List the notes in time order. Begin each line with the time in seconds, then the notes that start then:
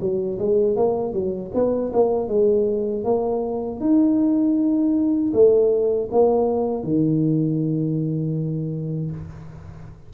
0.00 F#3
0.38 G#3
0.76 A#3
1.13 F#3
1.54 B3
1.93 A#3
2.28 G#3
3.04 A#3
3.80 D#4
5.33 A3
6.11 A#3
6.83 D#3